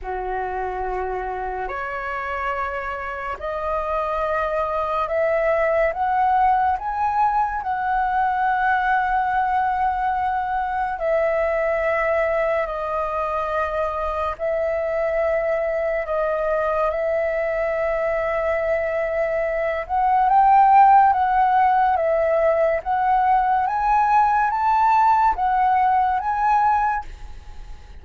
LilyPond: \new Staff \with { instrumentName = "flute" } { \time 4/4 \tempo 4 = 71 fis'2 cis''2 | dis''2 e''4 fis''4 | gis''4 fis''2.~ | fis''4 e''2 dis''4~ |
dis''4 e''2 dis''4 | e''2.~ e''8 fis''8 | g''4 fis''4 e''4 fis''4 | gis''4 a''4 fis''4 gis''4 | }